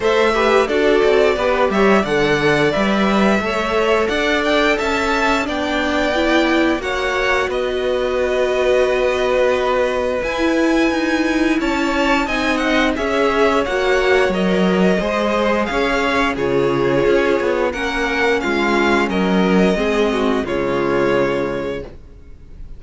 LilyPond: <<
  \new Staff \with { instrumentName = "violin" } { \time 4/4 \tempo 4 = 88 e''4 d''4. e''8 fis''4 | e''2 fis''8 g''8 a''4 | g''2 fis''4 dis''4~ | dis''2. gis''4~ |
gis''4 a''4 gis''8 fis''8 e''4 | fis''4 dis''2 f''4 | cis''2 fis''4 f''4 | dis''2 cis''2 | }
  \new Staff \with { instrumentName = "violin" } { \time 4/4 c''8 b'8 a'4 b'8 cis''8 d''4~ | d''4 cis''4 d''4 e''4 | d''2 cis''4 b'4~ | b'1~ |
b'4 cis''4 dis''4 cis''4~ | cis''2 c''4 cis''4 | gis'2 ais'4 f'4 | ais'4 gis'8 fis'8 f'2 | }
  \new Staff \with { instrumentName = "viola" } { \time 4/4 a'8 g'8 fis'4 g'4 a'4 | b'4 a'2. | d'4 e'4 fis'2~ | fis'2. e'4~ |
e'2 dis'4 gis'4 | fis'4 ais'4 gis'2 | f'2 cis'2~ | cis'4 c'4 gis2 | }
  \new Staff \with { instrumentName = "cello" } { \time 4/4 a4 d'8 c'8 b8 g8 d4 | g4 a4 d'4 cis'4 | b2 ais4 b4~ | b2. e'4 |
dis'4 cis'4 c'4 cis'4 | ais4 fis4 gis4 cis'4 | cis4 cis'8 b8 ais4 gis4 | fis4 gis4 cis2 | }
>>